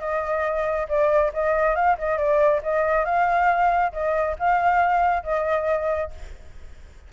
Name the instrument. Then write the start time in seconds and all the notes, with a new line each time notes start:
flute
0.00 D#5
0.89 D5
1.34 D#5
1.75 F5
1.98 D#5
2.18 D5
2.63 D#5
3.05 F5
3.93 D#5
4.39 F5
5.24 D#5